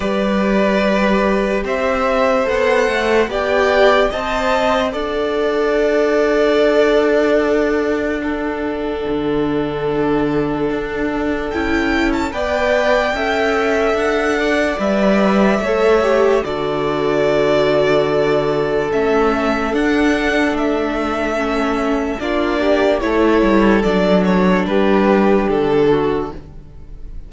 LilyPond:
<<
  \new Staff \with { instrumentName = "violin" } { \time 4/4 \tempo 4 = 73 d''2 e''4 fis''4 | g''4 a''4 fis''2~ | fis''1~ | fis''2 g''8. a''16 g''4~ |
g''4 fis''4 e''2 | d''2. e''4 | fis''4 e''2 d''4 | cis''4 d''8 cis''8 b'4 a'4 | }
  \new Staff \with { instrumentName = "violin" } { \time 4/4 b'2 c''2 | d''4 dis''4 d''2~ | d''2 a'2~ | a'2. d''4 |
e''4. d''4. cis''4 | a'1~ | a'2. f'8 g'8 | a'2 g'4. fis'8 | }
  \new Staff \with { instrumentName = "viola" } { \time 4/4 g'2. a'4 | g'4 c''4 a'2~ | a'2 d'2~ | d'2 e'4 b'4 |
a'2 b'4 a'8 g'8 | fis'2. cis'4 | d'2 cis'4 d'4 | e'4 d'2. | }
  \new Staff \with { instrumentName = "cello" } { \time 4/4 g2 c'4 b8 a8 | b4 c'4 d'2~ | d'2. d4~ | d4 d'4 cis'4 b4 |
cis'4 d'4 g4 a4 | d2. a4 | d'4 a2 ais4 | a8 g8 fis4 g4 d4 | }
>>